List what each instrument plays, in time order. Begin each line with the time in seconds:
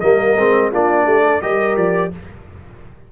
0.00 tuba G3, trombone A#3, horn A#4, trumpet D#5
0.36 tuba G#3, trombone C4
0.71 tuba A#3, trombone D4, horn F4, trumpet D5
1.04 tuba A3, horn G4
1.24 horn A4
1.41 tuba G3, trombone G4, horn A#4, trumpet D#5
1.76 tuba F3, trumpet D5